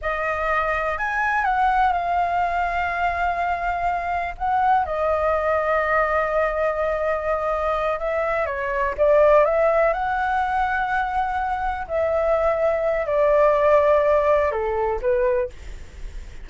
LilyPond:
\new Staff \with { instrumentName = "flute" } { \time 4/4 \tempo 4 = 124 dis''2 gis''4 fis''4 | f''1~ | f''4 fis''4 dis''2~ | dis''1~ |
dis''8 e''4 cis''4 d''4 e''8~ | e''8 fis''2.~ fis''8~ | fis''8 e''2~ e''8 d''4~ | d''2 a'4 b'4 | }